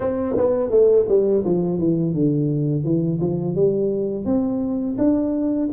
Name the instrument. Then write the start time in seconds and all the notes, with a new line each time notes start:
tuba
0.00 C4
0.37 B3
0.70 A3
1.08 G3
1.44 F3
1.79 E3
2.14 D3
2.84 E3
3.20 F3
3.55 G3
4.25 C4
4.98 D4